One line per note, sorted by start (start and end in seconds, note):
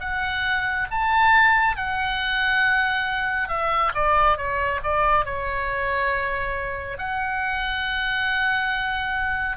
0.00 0.87 F#5
0.91 1.76 A5
1.76 3.48 F#5
3.48 3.92 E5
3.94 4.37 D5
4.37 4.80 C#5
4.83 5.25 D5
5.25 6.98 C#5
6.98 9.57 F#5